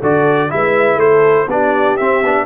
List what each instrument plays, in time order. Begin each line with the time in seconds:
0.00 tuba D3, trombone F#4, horn A4, trumpet D5
0.49 tuba G#3, trombone E4, horn B4, trumpet E5
0.95 tuba A3, horn A4, trumpet C5
1.47 tuba B3, trombone D4, horn G4, trumpet D5
1.96 trombone C4, tuba C4, trumpet E5
2.23 tuba B3, trombone D4